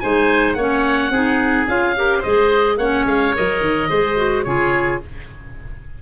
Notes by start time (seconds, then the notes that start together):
0.00 G#3 D#4 C5 G#5
0.54 A#3 C#4 C#5 F#5
1.10 C4 D#4 G#4
1.67 C#4 F4 F5
1.96 G4 A#4
2.18 C5 D#5
2.25 G#3 G#4
2.77 A#3 C#4 C#5 F#5
3.05 G#3 F5
3.35 F#3 A#4 D#5
3.60 D#3
3.89 G#3 G#4 C5
4.17 F#4
4.43 C#3 F4 G#4 C#5